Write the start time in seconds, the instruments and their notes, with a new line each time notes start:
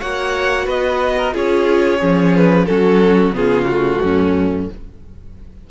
0.00 cello A#3, viola F#4, violin C#5 F#5
0.66 cello B3, violin B4 D#5
1.18 violin A#4
1.33 cello C#4, viola F4, violin G#4 C#5
1.99 cello F3, violin C#4, viola G#4
2.36 violin B4
2.66 cello F#3, viola C#4, violin F#4 A4
3.32 cello C#3, viola B3, violin F4 G#4
3.65 viola A3, violin F#4
4.03 cello F#2, violin C#4